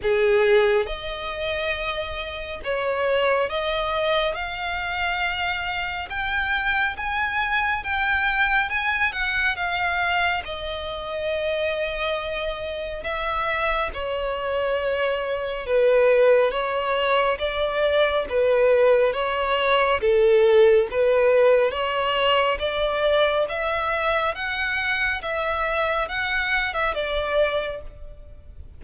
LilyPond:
\new Staff \with { instrumentName = "violin" } { \time 4/4 \tempo 4 = 69 gis'4 dis''2 cis''4 | dis''4 f''2 g''4 | gis''4 g''4 gis''8 fis''8 f''4 | dis''2. e''4 |
cis''2 b'4 cis''4 | d''4 b'4 cis''4 a'4 | b'4 cis''4 d''4 e''4 | fis''4 e''4 fis''8. e''16 d''4 | }